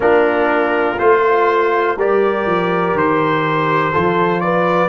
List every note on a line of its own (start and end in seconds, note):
0.00 0.98 A#3
0.00 0.96 D4
0.00 1.96 F4
0.00 0.98 A#4
0.98 1.96 A3
0.98 1.97 F4
0.98 1.97 C5
1.96 2.45 G3
1.96 3.92 G4
1.96 3.92 A#4
1.96 2.97 D5
2.46 2.93 F3
2.93 3.92 D#3
2.93 4.40 C5
3.92 4.88 F3
3.92 4.88 F4
3.92 4.41 A4
4.40 4.88 B4
4.40 4.88 D5